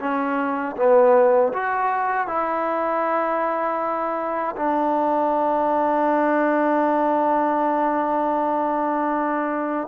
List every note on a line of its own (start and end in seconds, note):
0.00 0.76 C#4
0.77 1.53 B3
1.53 2.28 F#4
2.28 4.56 E4
4.57 9.88 D4